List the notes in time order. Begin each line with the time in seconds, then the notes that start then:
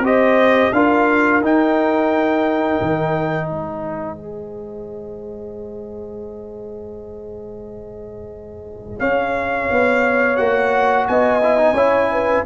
0.00 C4 G4 C5 D#5
0.73 D4 F4 A#4 F5
1.42 D#4 G5
2.81 D#3
3.49 G#3 C5 D#5
4.17 G#4
9.00 C#4 C#5 F5
9.71 B3
10.37 A#3 F#4 F#5
11.08 B3 D#5 G#5
11.44 E4
11.58 D#4
11.73 C#4 E4 C#5
12.12 B4